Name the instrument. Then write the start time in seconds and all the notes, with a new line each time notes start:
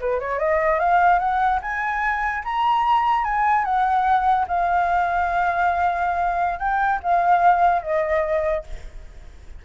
flute
0.00 B4
0.19 C#5
0.39 D#5
0.79 F5
1.19 F#5
1.61 G#5
2.44 A#5
3.24 G#5
3.64 F#5
4.48 F5
6.59 G5
7.03 F5
7.82 D#5